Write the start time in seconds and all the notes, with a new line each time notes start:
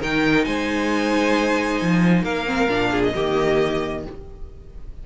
0.00 D#3 D#4 A#4 G5
0.45 G#3 C5 G#5
1.82 F3
2.23 A#3 A#4 F5
2.46 C4
2.69 A#2 D4
2.91 G#4
3.04 D#5
3.14 D#3 A#3 G4